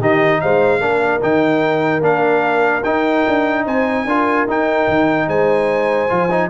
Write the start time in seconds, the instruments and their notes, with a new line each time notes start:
0.00 tuba D#3, trombone D#4, horn G4, trumpet D#5
0.40 tuba G#3, horn C5, trumpet F5
0.80 tuba A#3, trombone D4, horn A#4
1.20 tuba D#3, trombone D#4, trumpet G5
2.01 tuba A#3, trombone D4, trumpet F5
2.83 tuba D#4, trombone D#4, trumpet G5
3.27 tuba D4
3.66 tuba C4, horn C5, trumpet G#5
4.05 tuba D4, trombone F4, horn A#4
4.47 tuba D#4, trombone D#4, trumpet G5
4.88 tuba D#3
5.27 tuba G#3, horn C5, trumpet G#5
6.09 tuba F3, trombone F4
6.30 trombone D#4